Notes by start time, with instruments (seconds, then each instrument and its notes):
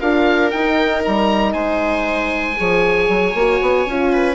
0.00 bassoon D4, horn F4, viola A#4, oboe F5
0.51 bassoon D#4, horn D#4, oboe G5
1.05 bassoon G3, oboe A#5
1.53 bassoon G#3, viola C5, oboe G#5
2.57 bassoon F3, horn G#4, viola C#5
3.09 bassoon F#3
3.34 bassoon A#3, horn F#4
3.61 bassoon B3
3.86 bassoon C#4, horn F4
4.13 viola B4